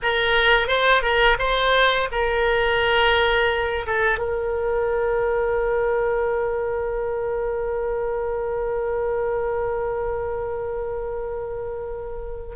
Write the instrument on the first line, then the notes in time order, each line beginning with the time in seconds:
oboe
0.02 A#4
0.67 C5
1.02 A#4
1.38 C5
2.11 A#4
3.86 A4
4.18 A#4